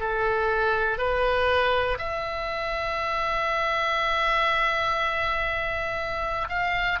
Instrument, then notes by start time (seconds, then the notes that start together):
oboe
0.00 A4
0.98 B4
1.98 E5
6.48 F5